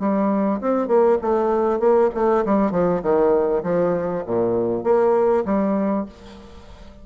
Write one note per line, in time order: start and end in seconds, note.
0.00 0.61 G3
0.61 0.88 C4
0.88 1.18 A#3
1.22 1.80 A3
1.80 2.10 A#3
2.15 2.45 A3
2.45 2.72 G3
2.72 3.02 F3
3.02 3.63 D#3
3.64 4.24 F3
4.26 4.84 A#2
4.84 5.44 A#3
5.45 6.06 G3